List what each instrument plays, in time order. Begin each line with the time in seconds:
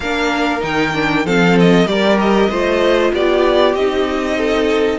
0.00 cello A#3, viola D4, violin A#4 F5
0.60 cello D#3, viola D#4, violin G5
0.93 viola D4
1.25 cello F3, viola C4, violin A4 F5
1.59 violin D#5
1.85 cello G3, viola G4, violin A#4 D5
2.19 violin D#5
2.49 cello A3, viola F4, violin C5
3.12 cello B3, violin G4 D5
3.74 cello C4, viola D#4, violin D#5
4.37 violin A4